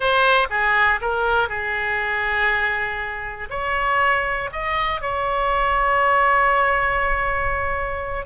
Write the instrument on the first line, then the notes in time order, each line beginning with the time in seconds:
oboe
0.00 C5
0.50 G#4
1.01 A#4
1.48 G#4
3.50 C#5
4.52 D#5
5.01 C#5